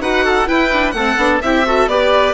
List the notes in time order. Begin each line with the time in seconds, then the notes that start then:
0.00 D#4 F#4 B4 F#5
0.25 A4
0.46 E4 B4 G5
0.72 D4
0.91 A3 C4 A4 F#5
1.17 B3 D4
1.42 C4 E4 G4 E5
1.65 F#4 A4
1.87 B3 G4 B4 D5